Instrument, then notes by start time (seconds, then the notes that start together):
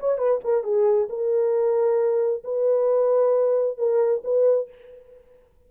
horn
0.00 C#5
0.18 B4
0.44 A#4
0.64 G#4
1.09 A#4
2.44 B4
3.78 A#4
4.24 B4